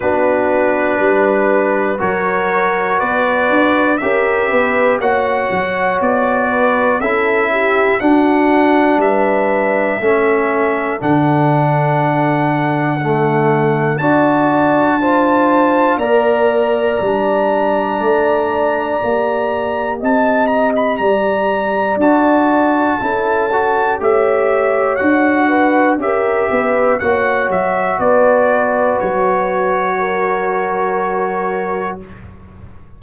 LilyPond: <<
  \new Staff \with { instrumentName = "trumpet" } { \time 4/4 \tempo 4 = 60 b'2 cis''4 d''4 | e''4 fis''4 d''4 e''4 | fis''4 e''2 fis''4~ | fis''2 a''2 |
ais''1 | a''8 ais''16 b''16 ais''4 a''2 | e''4 fis''4 e''4 fis''8 e''8 | d''4 cis''2. | }
  \new Staff \with { instrumentName = "horn" } { \time 4/4 fis'4 b'4 ais'4 b'4 | ais'8 b'8 cis''4. b'8 a'8 g'8 | fis'4 b'4 a'2~ | a'2 d''4 c''4 |
d''1 | dis''4 d''2 a'4 | cis''4. b'8 ais'8 b'8 cis''4 | b'2 ais'2 | }
  \new Staff \with { instrumentName = "trombone" } { \time 4/4 d'2 fis'2 | g'4 fis'2 e'4 | d'2 cis'4 d'4~ | d'4 a4 fis'4 f'4 |
ais'4 d'2 g'4~ | g'2 fis'4 e'8 fis'8 | g'4 fis'4 g'4 fis'4~ | fis'1 | }
  \new Staff \with { instrumentName = "tuba" } { \time 4/4 b4 g4 fis4 b8 d'8 | cis'8 b8 ais8 fis8 b4 cis'4 | d'4 g4 a4 d4~ | d2 d'2 |
ais4 g4 a4 ais4 | c'4 g4 d'4 cis'4 | a4 d'4 cis'8 b8 ais8 fis8 | b4 fis2. | }
>>